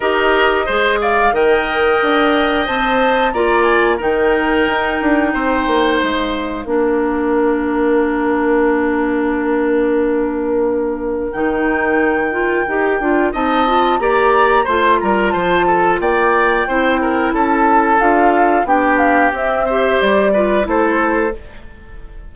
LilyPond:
<<
  \new Staff \with { instrumentName = "flute" } { \time 4/4 \tempo 4 = 90 dis''4. f''8 g''2 | a''4 ais''8 gis''8 g''2~ | g''4 f''2.~ | f''1~ |
f''4 g''2. | a''4 ais''4 c'''8 ais''8 a''4 | g''2 a''4 f''4 | g''8 f''8 e''4 d''4 c''4 | }
  \new Staff \with { instrumentName = "oboe" } { \time 4/4 ais'4 c''8 d''8 dis''2~ | dis''4 d''4 ais'2 | c''2 ais'2~ | ais'1~ |
ais'1 | dis''4 d''4 c''8 ais'8 c''8 a'8 | d''4 c''8 ais'8 a'2 | g'4. c''4 b'8 a'4 | }
  \new Staff \with { instrumentName = "clarinet" } { \time 4/4 g'4 gis'4 ais'2 | c''4 f'4 dis'2~ | dis'2 d'2~ | d'1~ |
d'4 dis'4. f'8 g'8 f'8 | dis'8 f'8 g'4 f'2~ | f'4 e'2 f'4 | d'4 c'8 g'4 f'8 e'4 | }
  \new Staff \with { instrumentName = "bassoon" } { \time 4/4 dis'4 gis4 dis4 d'4 | c'4 ais4 dis4 dis'8 d'8 | c'8 ais8 gis4 ais2~ | ais1~ |
ais4 dis2 dis'8 d'8 | c'4 ais4 a8 g8 f4 | ais4 c'4 cis'4 d'4 | b4 c'4 g4 a4 | }
>>